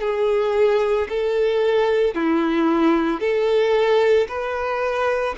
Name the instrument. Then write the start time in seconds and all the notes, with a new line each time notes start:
violin
0.00 G#4
1.09 A4
2.14 E4
3.20 A4
4.28 B4